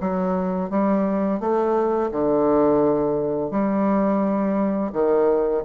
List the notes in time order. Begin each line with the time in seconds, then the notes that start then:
0.00 F#3
0.70 G3
1.40 A3
2.11 D3
3.51 G3
4.92 D#3